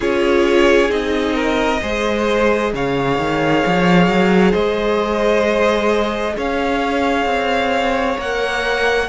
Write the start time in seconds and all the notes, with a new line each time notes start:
0.00 C#4 F4 G#4 C#5
0.89 C4 D#4 D#5
1.34 A#4
1.81 G#3 G#4 C5
2.73 C#3 C#5 F5
3.17 D#3
3.66 F3
4.07 F#3
4.51 G#3 C5 D#5
6.36 C#4 C#5 F5
7.25 C4
8.16 A#3 A#4 F#5